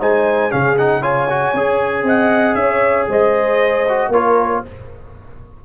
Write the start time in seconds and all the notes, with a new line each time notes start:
0.00 G#3 D#4 C5 G#5
0.51 C#3 C#4 G#4 F5
0.78 D#4 F#5
1.01 F4 C#5 G#5
1.30 F#4
1.53 C#4 G#4
2.03 C4 D#5 F#5
2.55 C#4 C#5 E5
3.09 G#3 C5 D#5
3.89 F#4
4.09 A#3 F4 A#4 C#5